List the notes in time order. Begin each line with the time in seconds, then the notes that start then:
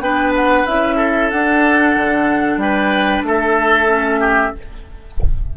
0.00 B3 D4 B4 G5
0.36 F#5
0.66 C#4 E4 E5
0.96 A4
1.30 D4 F#5
1.96 D3
2.56 G3 B4 G5
3.22 A3 A4 E5
3.88 C#4
4.20 G4